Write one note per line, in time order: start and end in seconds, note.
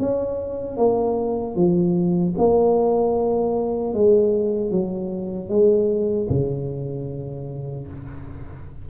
0.00 0.78 C#4
0.78 1.56 A#3
1.56 2.35 F3
2.38 3.94 A#3
3.94 4.72 G#3
4.72 5.49 F#3
5.49 6.28 G#3
6.30 7.88 C#3